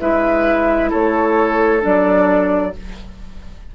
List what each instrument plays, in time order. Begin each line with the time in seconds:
0.00 bassoon G#3, clarinet E4, oboe B4, flute E5
0.90 bassoon A3, oboe A4, flute C#5
1.81 bassoon F#3, clarinet D4, flute D5